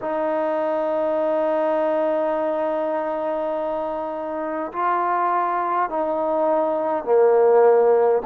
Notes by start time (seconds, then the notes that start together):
0.01 D#4
4.72 F4
5.89 D#4
7.04 A#3